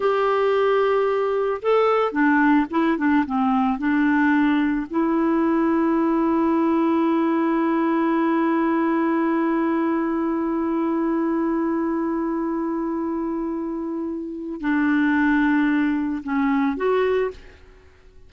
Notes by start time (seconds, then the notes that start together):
0.00 G4
1.62 A4
2.12 D4
2.70 E4
2.97 D4
3.26 C4
3.78 D4
4.89 E4
14.60 D4
16.23 C#4
16.76 F#4